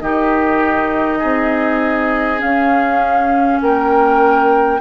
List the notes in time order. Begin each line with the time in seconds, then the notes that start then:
0.00 D#3 D#4 G4 D#5
1.18 C4 G#4
2.39 C#4 F5
3.60 A#3 A#4 G5